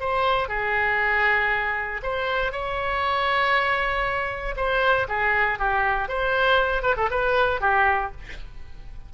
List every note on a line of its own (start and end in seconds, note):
0.00 0.48 C5
0.48 2.01 G#4
2.02 2.52 C5
2.52 4.55 C#5
4.56 5.07 C5
5.08 5.59 G#4
5.59 6.08 G4
6.08 6.82 C5
6.82 6.95 B4
6.97 7.09 A4
7.10 7.61 B4
7.61 8.11 G4